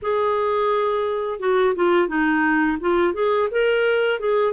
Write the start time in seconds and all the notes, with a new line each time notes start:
0.02 G#4
1.39 F#4
1.75 F4
2.07 D#4
2.80 F4
3.13 G#4
3.51 A#4
4.19 G#4